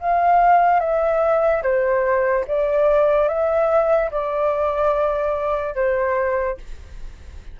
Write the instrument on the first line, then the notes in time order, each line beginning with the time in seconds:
flute
0.00 F5
0.80 E5
1.63 C5
2.47 D5
3.28 E5
4.11 D5
5.75 C5